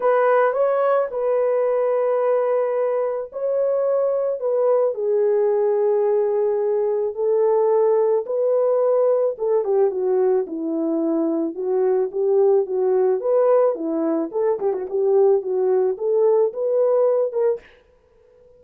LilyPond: \new Staff \with { instrumentName = "horn" } { \time 4/4 \tempo 4 = 109 b'4 cis''4 b'2~ | b'2 cis''2 | b'4 gis'2.~ | gis'4 a'2 b'4~ |
b'4 a'8 g'8 fis'4 e'4~ | e'4 fis'4 g'4 fis'4 | b'4 e'4 a'8 g'16 fis'16 g'4 | fis'4 a'4 b'4. ais'8 | }